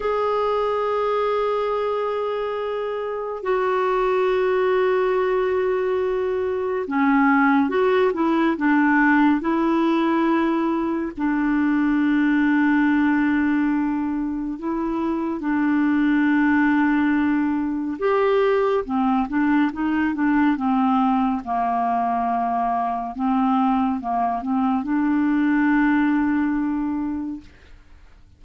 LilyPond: \new Staff \with { instrumentName = "clarinet" } { \time 4/4 \tempo 4 = 70 gis'1 | fis'1 | cis'4 fis'8 e'8 d'4 e'4~ | e'4 d'2.~ |
d'4 e'4 d'2~ | d'4 g'4 c'8 d'8 dis'8 d'8 | c'4 ais2 c'4 | ais8 c'8 d'2. | }